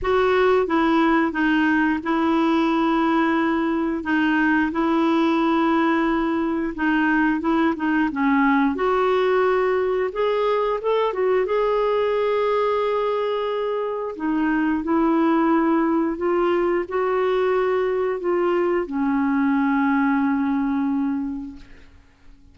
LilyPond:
\new Staff \with { instrumentName = "clarinet" } { \time 4/4 \tempo 4 = 89 fis'4 e'4 dis'4 e'4~ | e'2 dis'4 e'4~ | e'2 dis'4 e'8 dis'8 | cis'4 fis'2 gis'4 |
a'8 fis'8 gis'2.~ | gis'4 dis'4 e'2 | f'4 fis'2 f'4 | cis'1 | }